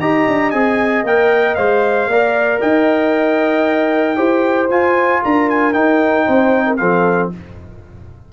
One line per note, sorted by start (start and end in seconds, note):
0.00 0.26 D#4
0.00 0.53 G4
0.00 2.09 D#5
0.00 0.51 A#5
0.27 0.53 D4
0.51 1.04 C4
0.51 1.06 G#4
0.51 1.03 G#5
1.04 1.56 A#3
1.04 1.57 A#4
1.04 1.55 G5
1.55 2.07 G#3
1.55 2.09 C5
1.55 2.59 F5
2.07 2.59 A#3
2.07 4.16 A#4
2.07 2.60 D5
2.60 4.17 D#4
2.60 4.17 D#5
2.60 4.70 G5
4.16 4.69 E4
4.16 4.68 G4
4.16 5.21 C5
4.69 5.22 F4
4.69 5.74 F4
4.69 5.22 G#5
5.23 5.74 D4
5.23 6.26 A#4
5.23 5.50 A#5
5.50 5.73 G#5
5.73 6.78 D#4
5.73 6.26 D#4
5.73 6.77 G5
6.26 6.80 C4
6.26 6.65 C5
6.67 6.80 A#4
6.77 7.32 F3
6.77 7.32 C4
6.77 7.32 A4
6.77 7.29 F5